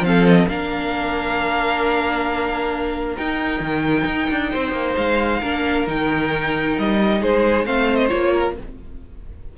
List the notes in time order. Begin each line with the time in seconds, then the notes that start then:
0.00 F3 C4 F5
0.08 A4
0.27 D#5
0.48 A#3 D4 A#4 F5
3.16 D#4 G5
3.60 D#3
4.06 D#4
4.31 D4
4.51 C4 C5
4.72 A#3
4.97 G#3 F5
5.40 A#3 D4 A#4
5.87 D#3 D#4 G5
6.79 G3 D#5
7.20 G#3 G#4 C5
7.65 A3 C4 C5 F5
7.96 D#5
8.09 A#3 F4 C#5
8.33 A#4